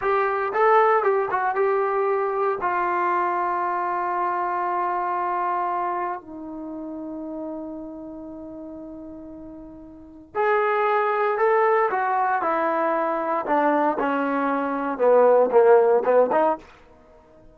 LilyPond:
\new Staff \with { instrumentName = "trombone" } { \time 4/4 \tempo 4 = 116 g'4 a'4 g'8 fis'8 g'4~ | g'4 f'2.~ | f'1 | dis'1~ |
dis'1 | gis'2 a'4 fis'4 | e'2 d'4 cis'4~ | cis'4 b4 ais4 b8 dis'8 | }